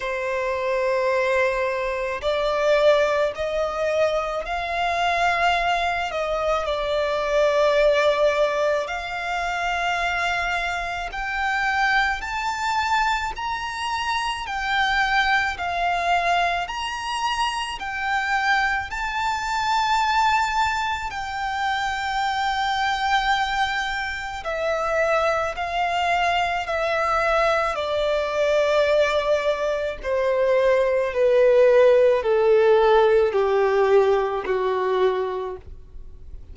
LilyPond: \new Staff \with { instrumentName = "violin" } { \time 4/4 \tempo 4 = 54 c''2 d''4 dis''4 | f''4. dis''8 d''2 | f''2 g''4 a''4 | ais''4 g''4 f''4 ais''4 |
g''4 a''2 g''4~ | g''2 e''4 f''4 | e''4 d''2 c''4 | b'4 a'4 g'4 fis'4 | }